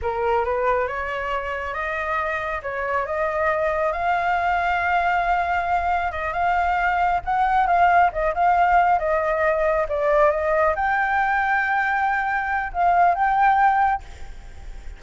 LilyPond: \new Staff \with { instrumentName = "flute" } { \time 4/4 \tempo 4 = 137 ais'4 b'4 cis''2 | dis''2 cis''4 dis''4~ | dis''4 f''2.~ | f''2 dis''8 f''4.~ |
f''8 fis''4 f''4 dis''8 f''4~ | f''8 dis''2 d''4 dis''8~ | dis''8 g''2.~ g''8~ | g''4 f''4 g''2 | }